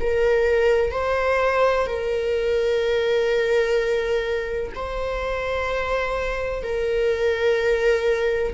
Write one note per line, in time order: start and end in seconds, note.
0.00 0.91 A#4
0.91 1.86 C5
1.87 4.72 A#4
4.75 6.63 C5
6.63 8.53 A#4